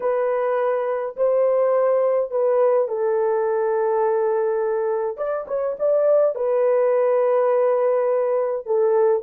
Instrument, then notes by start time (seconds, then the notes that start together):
horn
0.00 B4
1.16 C5
2.31 B4
2.88 A4
5.17 D5
5.47 C#5
5.79 D5
6.35 B4
8.65 A4